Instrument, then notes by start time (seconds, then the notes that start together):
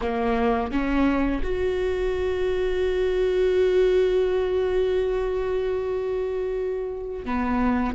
viola
0.01 A#3
0.71 C#4
1.43 F#4
7.25 B3